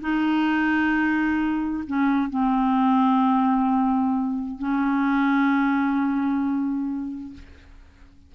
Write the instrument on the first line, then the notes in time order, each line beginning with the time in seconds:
clarinet
0.00 D#4
1.87 C#4
2.30 C4
4.58 C#4